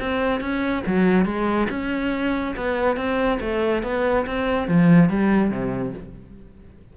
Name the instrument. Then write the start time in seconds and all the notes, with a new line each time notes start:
cello
0.00 C4
0.41 C#4
0.87 F#3
1.26 G#3
1.70 C#4
2.57 B3
2.97 C4
3.41 A3
3.83 B3
4.26 C4
4.68 F3
5.10 G3
5.51 C3